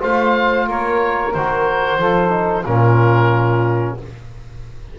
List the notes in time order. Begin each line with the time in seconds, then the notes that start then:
0.00 A3 F4 C5 F5
0.66 A#3 A#4 C#5
1.33 D#3 F#4 C5
1.98 F3 F4 A4
2.30 D#4
2.65 A#2 C#4 F4 A#4